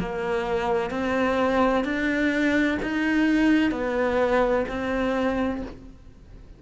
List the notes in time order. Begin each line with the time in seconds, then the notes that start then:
0.00 A#3
0.91 C4
1.85 D4
2.83 D#4
3.72 B3
4.69 C4